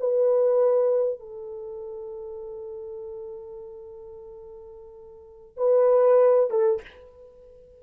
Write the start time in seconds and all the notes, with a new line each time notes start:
0.00 B4
1.20 A4
5.57 B4
6.51 A4